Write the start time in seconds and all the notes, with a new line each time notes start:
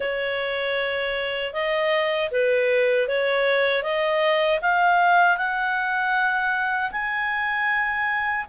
0.00 C#5
1.53 D#5
2.31 B4
3.08 C#5
3.82 D#5
4.62 F5
5.37 F#5
6.91 G#5